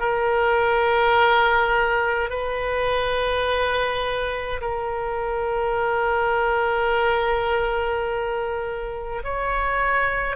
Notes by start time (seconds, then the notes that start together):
0.00 A#4
2.30 B4
4.62 A#4
9.24 C#5